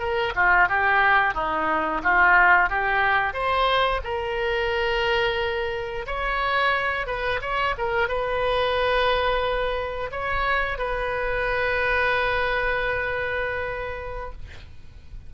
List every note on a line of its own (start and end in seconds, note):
0.00 0.34 A#4
0.36 0.69 F4
0.69 1.35 G4
1.35 2.02 D#4
2.04 2.70 F4
2.70 3.34 G4
3.34 4.01 C5
4.04 6.06 A#4
6.07 7.07 C#5
7.07 7.41 B4
7.42 7.76 C#5
7.78 8.09 A#4
8.09 10.11 B4
10.12 10.79 C#5
10.79 14.33 B4